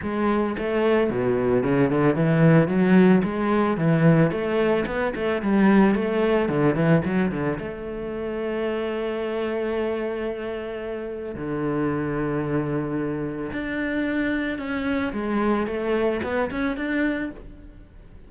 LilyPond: \new Staff \with { instrumentName = "cello" } { \time 4/4 \tempo 4 = 111 gis4 a4 b,4 cis8 d8 | e4 fis4 gis4 e4 | a4 b8 a8 g4 a4 | d8 e8 fis8 d8 a2~ |
a1~ | a4 d2.~ | d4 d'2 cis'4 | gis4 a4 b8 cis'8 d'4 | }